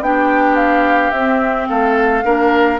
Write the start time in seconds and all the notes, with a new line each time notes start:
0.00 B3 D4 G4 G5
0.56 F5
1.10 C4 E5
1.68 A3 A4 F5
2.24 A#3 D4 A#4